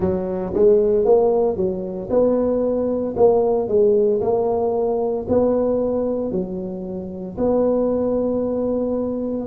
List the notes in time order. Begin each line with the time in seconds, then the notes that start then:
0.00 F#3
0.53 G#3
1.04 A#3
1.56 F#3
2.10 B3
3.16 A#3
3.68 G#3
4.21 A#3
5.28 B3
6.32 F#3
7.37 B3